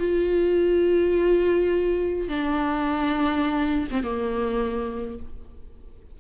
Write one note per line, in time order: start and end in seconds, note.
0.00 2.29 F4
2.29 3.88 D4
3.92 4.04 C4
4.04 5.19 A#3